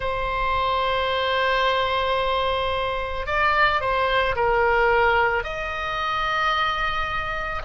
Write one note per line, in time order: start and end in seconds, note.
0.00 3.26 C5
3.26 3.80 D5
3.80 4.35 C5
4.35 5.43 A#4
5.43 7.61 D#5